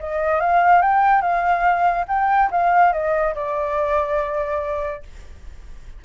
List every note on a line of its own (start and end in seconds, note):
0.00 0.41 D#5
0.41 0.82 F5
0.82 1.22 G5
1.22 2.06 F5
2.08 2.50 G5
2.51 2.93 F5
2.93 3.35 D#5
3.35 5.03 D5